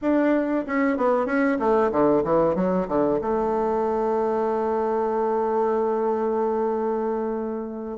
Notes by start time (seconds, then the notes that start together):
0.01 D4
0.66 C#4
0.97 B3
1.26 C#4
1.59 A3
1.91 D3
2.23 E3
2.55 F#3
2.88 D3
3.21 A3